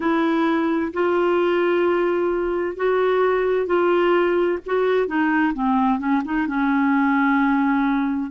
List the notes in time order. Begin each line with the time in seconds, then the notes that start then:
0.00 E4
0.93 F4
2.76 F#4
3.66 F4
4.66 F#4
5.07 D#4
5.54 C4
5.99 C#4
6.24 D#4
6.47 C#4